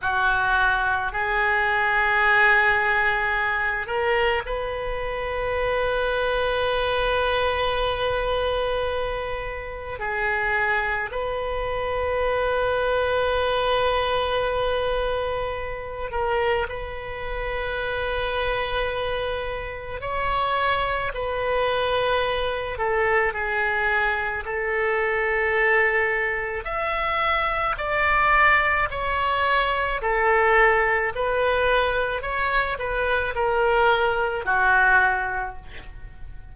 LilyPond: \new Staff \with { instrumentName = "oboe" } { \time 4/4 \tempo 4 = 54 fis'4 gis'2~ gis'8 ais'8 | b'1~ | b'4 gis'4 b'2~ | b'2~ b'8 ais'8 b'4~ |
b'2 cis''4 b'4~ | b'8 a'8 gis'4 a'2 | e''4 d''4 cis''4 a'4 | b'4 cis''8 b'8 ais'4 fis'4 | }